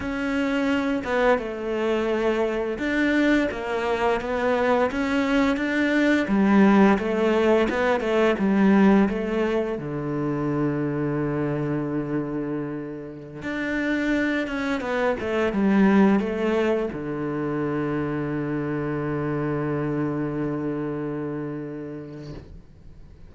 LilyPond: \new Staff \with { instrumentName = "cello" } { \time 4/4 \tempo 4 = 86 cis'4. b8 a2 | d'4 ais4 b4 cis'4 | d'4 g4 a4 b8 a8 | g4 a4 d2~ |
d2.~ d16 d'8.~ | d'8. cis'8 b8 a8 g4 a8.~ | a16 d2.~ d8.~ | d1 | }